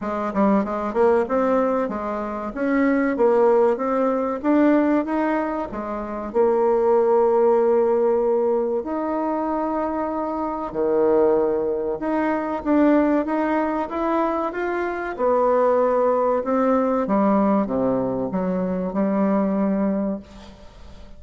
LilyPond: \new Staff \with { instrumentName = "bassoon" } { \time 4/4 \tempo 4 = 95 gis8 g8 gis8 ais8 c'4 gis4 | cis'4 ais4 c'4 d'4 | dis'4 gis4 ais2~ | ais2 dis'2~ |
dis'4 dis2 dis'4 | d'4 dis'4 e'4 f'4 | b2 c'4 g4 | c4 fis4 g2 | }